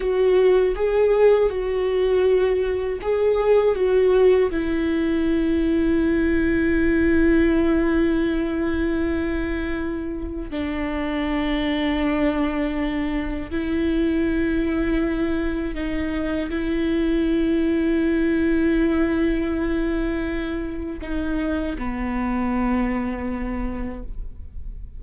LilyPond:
\new Staff \with { instrumentName = "viola" } { \time 4/4 \tempo 4 = 80 fis'4 gis'4 fis'2 | gis'4 fis'4 e'2~ | e'1~ | e'2 d'2~ |
d'2 e'2~ | e'4 dis'4 e'2~ | e'1 | dis'4 b2. | }